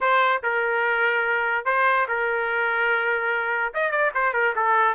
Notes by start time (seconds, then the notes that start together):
0.01 C5
0.43 A#4
1.65 C5
2.07 A#4
3.74 D#5
3.91 D5
4.14 C5
4.33 A#4
4.55 A4